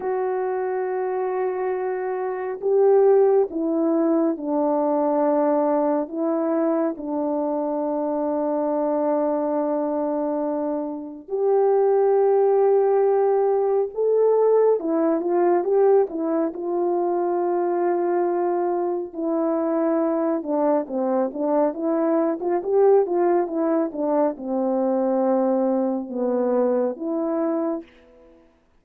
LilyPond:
\new Staff \with { instrumentName = "horn" } { \time 4/4 \tempo 4 = 69 fis'2. g'4 | e'4 d'2 e'4 | d'1~ | d'4 g'2. |
a'4 e'8 f'8 g'8 e'8 f'4~ | f'2 e'4. d'8 | c'8 d'8 e'8. f'16 g'8 f'8 e'8 d'8 | c'2 b4 e'4 | }